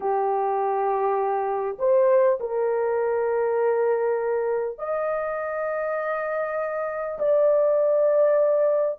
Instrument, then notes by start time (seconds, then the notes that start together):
horn
0.00 G4
1.78 C5
2.40 A#4
4.78 D#5
7.18 D5